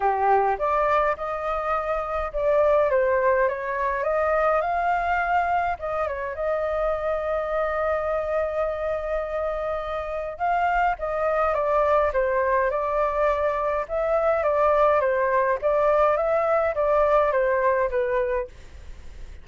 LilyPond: \new Staff \with { instrumentName = "flute" } { \time 4/4 \tempo 4 = 104 g'4 d''4 dis''2 | d''4 c''4 cis''4 dis''4 | f''2 dis''8 cis''8 dis''4~ | dis''1~ |
dis''2 f''4 dis''4 | d''4 c''4 d''2 | e''4 d''4 c''4 d''4 | e''4 d''4 c''4 b'4 | }